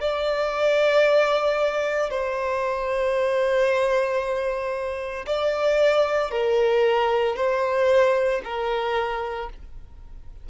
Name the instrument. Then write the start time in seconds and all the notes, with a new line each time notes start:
violin
0.00 D5
2.10 C5
5.26 D5
6.31 A#4
7.36 C5
8.44 A#4